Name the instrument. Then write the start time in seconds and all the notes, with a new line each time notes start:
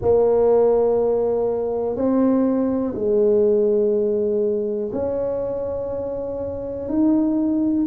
tuba
0.01 A#3
1.95 C4
2.94 G#3
4.92 C#4
6.89 D#4